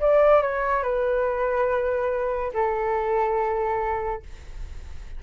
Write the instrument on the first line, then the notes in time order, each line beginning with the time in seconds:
flute
0.00 D5
0.42 C#5
0.83 B4
2.54 A4